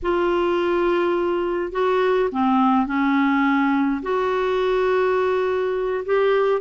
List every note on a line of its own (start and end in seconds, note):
0.02 1.72 F4
1.72 2.29 F#4
2.31 2.86 C4
2.86 4.01 C#4
4.02 6.04 F#4
6.05 6.61 G4